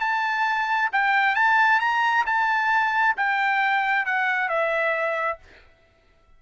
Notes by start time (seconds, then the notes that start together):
0.00 A5
0.93 G5
1.35 A5
1.80 A#5
2.26 A5
3.17 G5
4.06 F#5
4.49 E5